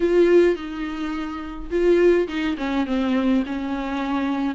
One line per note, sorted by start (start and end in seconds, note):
0.00 0.55 F4
0.55 1.69 D#4
1.70 2.27 F4
2.28 2.56 D#4
2.57 2.86 C#4
2.86 3.43 C4
3.46 4.55 C#4